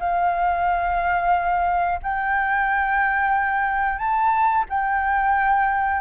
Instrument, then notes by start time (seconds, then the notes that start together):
flute
0.00 F5
2.03 G5
3.99 A5
4.70 G5